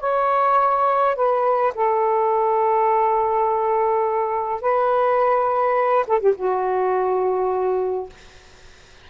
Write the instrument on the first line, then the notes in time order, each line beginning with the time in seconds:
saxophone
0.00 C#5
1.15 B4
1.75 A4
4.61 B4
6.07 A4
6.20 G4
6.36 F#4